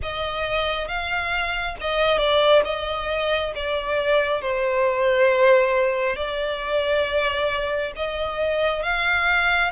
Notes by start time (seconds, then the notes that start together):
0.02 D#5
0.87 F5
1.80 D#5
2.18 D5
2.64 D#5
3.55 D5
4.41 C5
6.15 D5
7.95 D#5
8.82 F5